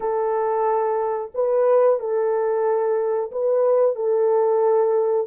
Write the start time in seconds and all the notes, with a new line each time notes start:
0.00 A4
1.34 B4
1.99 A4
3.31 B4
3.95 A4